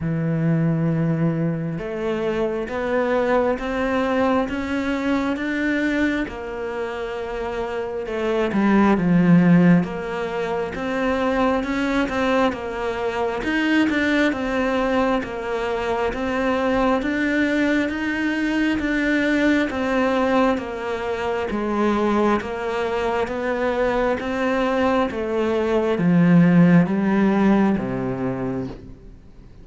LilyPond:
\new Staff \with { instrumentName = "cello" } { \time 4/4 \tempo 4 = 67 e2 a4 b4 | c'4 cis'4 d'4 ais4~ | ais4 a8 g8 f4 ais4 | c'4 cis'8 c'8 ais4 dis'8 d'8 |
c'4 ais4 c'4 d'4 | dis'4 d'4 c'4 ais4 | gis4 ais4 b4 c'4 | a4 f4 g4 c4 | }